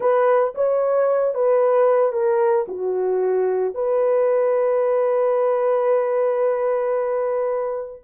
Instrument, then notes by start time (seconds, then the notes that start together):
horn
0.00 B4
0.54 C#5
1.34 B4
2.12 A#4
2.67 F#4
3.74 B4